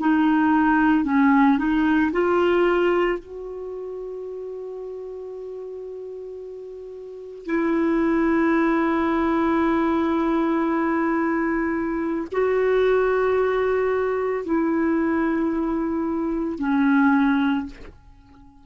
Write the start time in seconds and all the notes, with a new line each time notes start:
0.00 D#4
1.05 C#4
1.58 D#4
2.12 F4
3.19 F#4
7.46 E4
12.33 F#4
14.45 E4
16.59 C#4